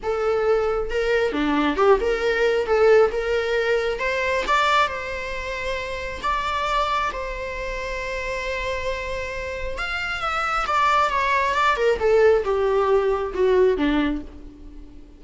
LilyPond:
\new Staff \with { instrumentName = "viola" } { \time 4/4 \tempo 4 = 135 a'2 ais'4 d'4 | g'8 ais'4. a'4 ais'4~ | ais'4 c''4 d''4 c''4~ | c''2 d''2 |
c''1~ | c''2 f''4 e''4 | d''4 cis''4 d''8 ais'8 a'4 | g'2 fis'4 d'4 | }